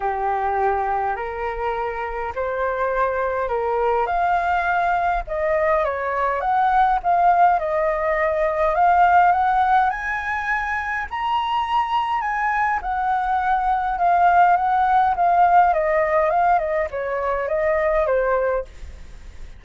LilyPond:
\new Staff \with { instrumentName = "flute" } { \time 4/4 \tempo 4 = 103 g'2 ais'2 | c''2 ais'4 f''4~ | f''4 dis''4 cis''4 fis''4 | f''4 dis''2 f''4 |
fis''4 gis''2 ais''4~ | ais''4 gis''4 fis''2 | f''4 fis''4 f''4 dis''4 | f''8 dis''8 cis''4 dis''4 c''4 | }